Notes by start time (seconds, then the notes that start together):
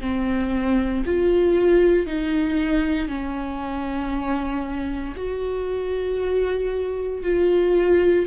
0.00 C4
1.05 F4
2.06 D#4
3.08 C#4
5.16 F#4
7.23 F4